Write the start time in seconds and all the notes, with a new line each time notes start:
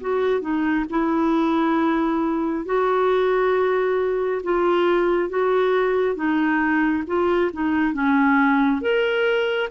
0.00 F#4
0.41 D#4
0.89 E4
2.65 F#4
4.43 F4
5.29 F#4
6.15 D#4
7.07 F4
7.53 D#4
7.93 C#4
8.81 A#4